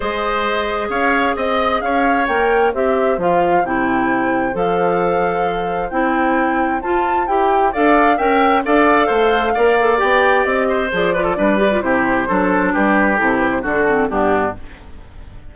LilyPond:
<<
  \new Staff \with { instrumentName = "flute" } { \time 4/4 \tempo 4 = 132 dis''2 f''4 dis''4 | f''4 g''4 e''4 f''4 | g''2 f''2~ | f''4 g''2 a''4 |
g''4 f''4 g''4 f''4~ | f''2 g''4 dis''4 | d''2 c''2 | b'4 a'8 b'16 c''16 a'4 g'4 | }
  \new Staff \with { instrumentName = "oboe" } { \time 4/4 c''2 cis''4 dis''4 | cis''2 c''2~ | c''1~ | c''1~ |
c''4 d''4 e''4 d''4 | c''4 d''2~ d''8 c''8~ | c''8 b'16 a'16 b'4 g'4 a'4 | g'2 fis'4 d'4 | }
  \new Staff \with { instrumentName = "clarinet" } { \time 4/4 gis'1~ | gis'4 ais'4 g'4 f'4 | e'2 a'2~ | a'4 e'2 f'4 |
g'4 a'4 ais'4 a'4~ | a'4 ais'8 a'8 g'2 | gis'8 f'8 d'8 g'16 f'16 e'4 d'4~ | d'4 e'4 d'8 c'8 b4 | }
  \new Staff \with { instrumentName = "bassoon" } { \time 4/4 gis2 cis'4 c'4 | cis'4 ais4 c'4 f4 | c2 f2~ | f4 c'2 f'4 |
e'4 d'4 cis'4 d'4 | a4 ais4 b4 c'4 | f4 g4 c4 fis4 | g4 c4 d4 g,4 | }
>>